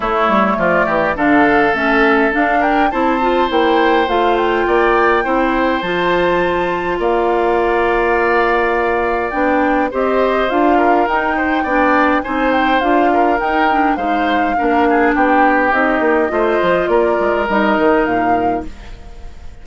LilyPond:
<<
  \new Staff \with { instrumentName = "flute" } { \time 4/4 \tempo 4 = 103 cis''4 d''4 f''4 e''4 | f''8 g''8 a''4 g''4 f''8 g''8~ | g''2 a''2 | f''1 |
g''4 dis''4 f''4 g''4~ | g''4 gis''8 g''8 f''4 g''4 | f''2 g''4 dis''4~ | dis''4 d''4 dis''4 f''4 | }
  \new Staff \with { instrumentName = "oboe" } { \time 4/4 e'4 f'8 g'8 a'2~ | a'8 ais'8 c''2. | d''4 c''2. | d''1~ |
d''4 c''4. ais'4 c''8 | d''4 c''4. ais'4. | c''4 ais'8 gis'8 g'2 | c''4 ais'2. | }
  \new Staff \with { instrumentName = "clarinet" } { \time 4/4 a2 d'4 cis'4 | d'4 e'8 f'8 e'4 f'4~ | f'4 e'4 f'2~ | f'1 |
d'4 g'4 f'4 dis'4 | d'4 dis'4 f'4 dis'8 d'8 | dis'4 d'2 dis'4 | f'2 dis'2 | }
  \new Staff \with { instrumentName = "bassoon" } { \time 4/4 a8 g8 f8 e8 d4 a4 | d'4 c'4 ais4 a4 | ais4 c'4 f2 | ais1 |
b4 c'4 d'4 dis'4 | b4 c'4 d'4 dis'4 | gis4 ais4 b4 c'8 ais8 | a8 f8 ais8 gis8 g8 dis8 ais,4 | }
>>